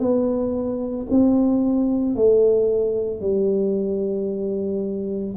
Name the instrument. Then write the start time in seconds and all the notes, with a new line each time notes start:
tuba
0.00 B3
1.11 C4
2.16 A3
3.21 G3